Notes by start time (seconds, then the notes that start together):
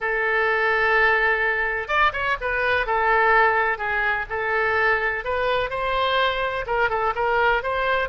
0.00 A4
1.88 D5
2.13 C#5
2.40 B4
2.86 A4
3.78 G#4
4.29 A4
5.24 B4
5.70 C5
6.66 A#4
6.89 A4
7.15 A#4
7.62 C5